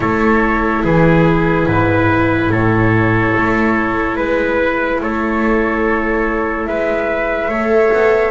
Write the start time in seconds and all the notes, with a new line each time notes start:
0.00 A3 E4 A4 C#5
0.84 E3 G#4 B4
1.66 G#2 B4
2.49 A2 A4 C#5
3.37 A3
4.16 G#3 B4
5.00 A3 A4 C#5
6.65 G#3 B4 E5
7.48 A3 A4 C#5
7.93 B3